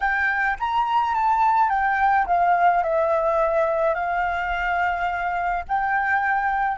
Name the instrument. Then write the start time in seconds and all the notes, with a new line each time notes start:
flute
0.00 G5
0.59 A#5
1.14 A5
1.69 G5
2.26 F5
2.83 E5
3.94 F5
5.68 G5